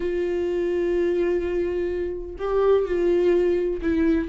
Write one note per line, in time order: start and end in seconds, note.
0.00 2.35 F4
2.38 2.85 G4
2.85 3.81 F4
3.81 4.28 E4